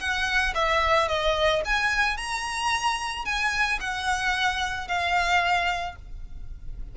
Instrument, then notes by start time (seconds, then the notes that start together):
violin
0.00 F#5
0.55 E5
1.09 D#5
1.65 G#5
2.17 A#5
3.25 G#5
3.81 F#5
4.88 F5